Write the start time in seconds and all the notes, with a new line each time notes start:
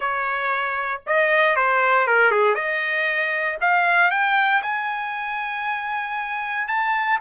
0.00 C#5
1.06 D#5
1.55 C5
2.07 A#4
2.31 G#4
2.55 D#5
3.60 F5
4.10 G5
4.62 G#5
6.67 A5